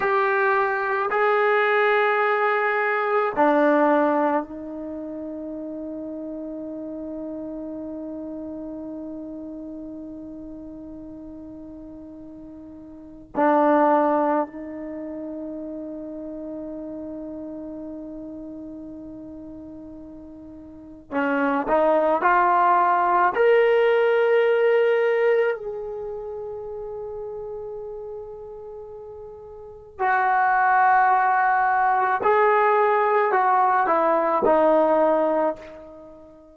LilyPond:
\new Staff \with { instrumentName = "trombone" } { \time 4/4 \tempo 4 = 54 g'4 gis'2 d'4 | dis'1~ | dis'1 | d'4 dis'2.~ |
dis'2. cis'8 dis'8 | f'4 ais'2 gis'4~ | gis'2. fis'4~ | fis'4 gis'4 fis'8 e'8 dis'4 | }